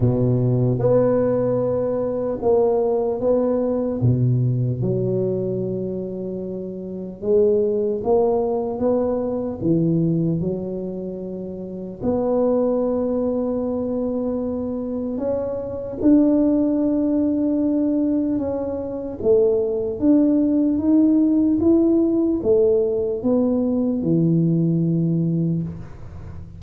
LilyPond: \new Staff \with { instrumentName = "tuba" } { \time 4/4 \tempo 4 = 75 b,4 b2 ais4 | b4 b,4 fis2~ | fis4 gis4 ais4 b4 | e4 fis2 b4~ |
b2. cis'4 | d'2. cis'4 | a4 d'4 dis'4 e'4 | a4 b4 e2 | }